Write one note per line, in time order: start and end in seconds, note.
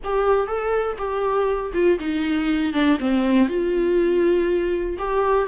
0.03 0.47 G4
0.47 0.96 A4
0.98 1.72 G4
1.73 1.98 F4
1.99 2.73 D#4
2.73 2.98 D4
2.99 3.48 C4
3.48 4.97 F4
4.98 5.47 G4